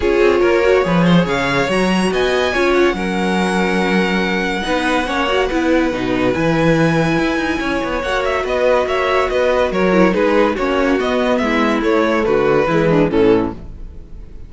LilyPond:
<<
  \new Staff \with { instrumentName = "violin" } { \time 4/4 \tempo 4 = 142 cis''2. f''4 | ais''4 gis''4. fis''4.~ | fis''1~ | fis''2. gis''4~ |
gis''2. fis''8 e''8 | dis''4 e''4 dis''4 cis''4 | b'4 cis''4 dis''4 e''4 | cis''4 b'2 a'4 | }
  \new Staff \with { instrumentName = "violin" } { \time 4/4 gis'4 ais'4 b'8 c''8 cis''4~ | cis''4 dis''4 cis''4 ais'4~ | ais'2. b'4 | cis''4 b'2.~ |
b'2 cis''2 | b'4 cis''4 b'4 ais'4 | gis'4 fis'2 e'4~ | e'4 fis'4 e'8 d'8 cis'4 | }
  \new Staff \with { instrumentName = "viola" } { \time 4/4 f'4. fis'8 gis'2 | fis'2 f'4 cis'4~ | cis'2. dis'4 | cis'8 fis'8 e'4 dis'4 e'4~ |
e'2. fis'4~ | fis'2.~ fis'8 e'8 | dis'4 cis'4 b2 | a2 gis4 e4 | }
  \new Staff \with { instrumentName = "cello" } { \time 4/4 cis'8 c'8 ais4 f4 cis4 | fis4 b4 cis'4 fis4~ | fis2. b4 | ais4 b4 b,4 e4~ |
e4 e'8 dis'8 cis'8 b8 ais4 | b4 ais4 b4 fis4 | gis4 ais4 b4 gis4 | a4 d4 e4 a,4 | }
>>